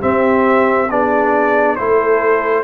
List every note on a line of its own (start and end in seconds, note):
0.00 0.88 C4
0.00 0.90 C4
0.00 0.88 G4
0.00 0.90 E5
0.89 1.79 B3
0.89 1.78 D4
0.89 1.77 G#4
0.89 1.76 D5
1.76 2.64 A3
1.76 2.64 E4
1.76 2.64 A4
1.76 2.64 C5